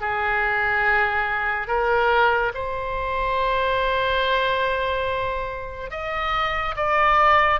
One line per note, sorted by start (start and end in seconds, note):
0.00 1.67 G#4
1.67 2.52 A#4
2.54 5.90 C5
5.90 6.75 D#5
6.76 7.60 D5